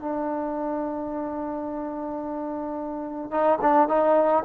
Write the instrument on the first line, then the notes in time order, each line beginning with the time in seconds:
trombone
0.00 D4
3.32 D#4
3.62 D4
3.89 D#4